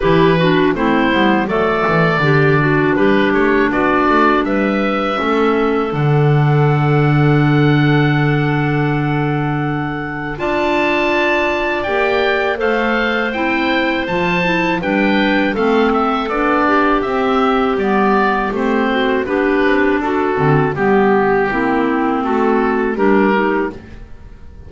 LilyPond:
<<
  \new Staff \with { instrumentName = "oboe" } { \time 4/4 \tempo 4 = 81 b'4 c''4 d''2 | b'8 cis''8 d''4 e''2 | fis''1~ | fis''2 a''2 |
g''4 f''4 g''4 a''4 | g''4 f''8 e''8 d''4 e''4 | d''4 c''4 b'4 a'4 | g'2 a'4 ais'4 | }
  \new Staff \with { instrumentName = "clarinet" } { \time 4/4 g'8 fis'8 e'4 a'4 g'8 fis'8 | g'4 fis'4 b'4 a'4~ | a'1~ | a'2 d''2~ |
d''4 c''2. | b'4 a'4. g'4.~ | g'4. fis'8 g'4 fis'4 | g'4 e'4 fis'4 g'4 | }
  \new Staff \with { instrumentName = "clarinet" } { \time 4/4 e'8 d'8 c'8 b8 a4 d'4~ | d'2. cis'4 | d'1~ | d'2 f'2 |
g'4 a'4 e'4 f'8 e'8 | d'4 c'4 d'4 c'4 | b4 c'4 d'4. c'8 | b4 c'2 d'8 dis'8 | }
  \new Staff \with { instrumentName = "double bass" } { \time 4/4 e4 a8 g8 fis8 e8 d4 | g8 a8 b8 a8 g4 a4 | d1~ | d2 d'2 |
ais4 a4 c'4 f4 | g4 a4 b4 c'4 | g4 a4 b8 c'8 d'8 d8 | g4 ais4 a4 g4 | }
>>